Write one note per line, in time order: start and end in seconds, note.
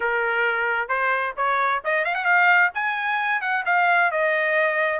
0.00 0.88 A#4
0.88 1.33 C5
1.36 1.82 C#5
1.84 2.04 D#5
2.04 2.14 F5
2.14 2.25 F#5
2.25 2.70 F5
2.74 3.41 G#5
3.41 3.64 F#5
3.65 4.11 F5
4.11 5.00 D#5